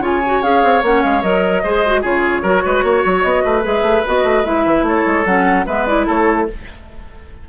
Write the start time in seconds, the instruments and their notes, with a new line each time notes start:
0.00 bassoon C#3, clarinet F4, oboe C#5, flute G#5
0.26 clarinet F#4
0.42 bassoon C#4, clarinet G#4, flute F5
0.63 bassoon C4
0.83 bassoon A#3, clarinet C#4, flute F#5
1.03 bassoon G#3, flute F5
1.22 bassoon F#3, clarinet A#4, flute D#5
1.63 bassoon G#3, clarinet G#4, oboe C5
1.86 clarinet F#4
2.02 bassoon C#3, clarinet F4, oboe G#4, flute C#5
2.42 bassoon F#3, clarinet F#4, oboe A#4
2.65 bassoon G#3, oboe B4
2.83 bassoon A#3, oboe C#5
3.06 bassoon F#3
3.22 bassoon B3, flute D#5
3.44 bassoon A3, oboe B4
3.62 bassoon G#3, clarinet G#4, flute E5
3.82 bassoon A3
4.07 bassoon B3, clarinet F#4, flute D#5
4.24 bassoon A3
4.45 bassoon G#3, clarinet E4, flute E5
4.65 bassoon E3
4.82 bassoon A3, oboe A4, flute C#5
5.06 bassoon G#3
5.25 bassoon F#3, clarinet C#4, flute F#5
5.66 bassoon G#3, clarinet B3, oboe B4, flute E5
5.86 clarinet E4, flute D5
6.07 bassoon A3, oboe A4, flute C#5